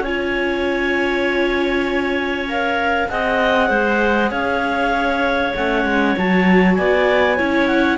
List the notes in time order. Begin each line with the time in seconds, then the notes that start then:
0.00 C#4 C#5 G#5
0.06 F4
2.48 A#4 F5
3.09 C4 G#4 D#5 F#5
3.69 G#3 C5
4.31 C#4 C#5 F5
5.55 A3 C#4 F#5
5.85 G#3
6.18 F#3 F#4 A5
6.76 B3 D5 G#5
7.37 C#4 E4 C#5
7.67 F#5